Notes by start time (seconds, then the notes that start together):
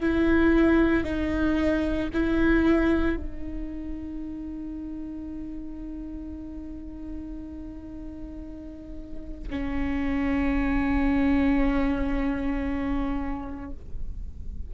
0.00 E4
1.04 D#4
2.13 E4
3.17 D#4
9.50 C#4